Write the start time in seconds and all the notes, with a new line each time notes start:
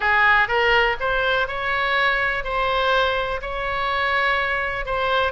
0.00 G#4
0.48 A#4
1.00 C5
1.47 C#5
2.43 C5
3.41 C#5
4.85 C5